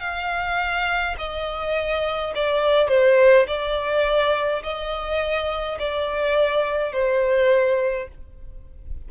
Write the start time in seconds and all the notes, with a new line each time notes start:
0.00 F5
1.17 D#5
2.34 D5
2.88 C5
3.47 D5
4.63 D#5
5.78 D5
6.92 C5